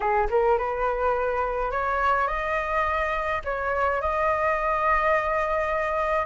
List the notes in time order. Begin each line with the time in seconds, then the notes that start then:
0.00 G#4
0.30 A#4
0.58 B4
1.71 C#5
2.27 D#5
3.44 C#5
4.01 D#5